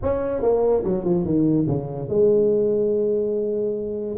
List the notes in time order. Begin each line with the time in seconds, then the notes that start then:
0.02 C#4
0.41 A#3
0.84 F#3
1.04 F3
1.24 D#3
1.67 C#3
2.09 G#3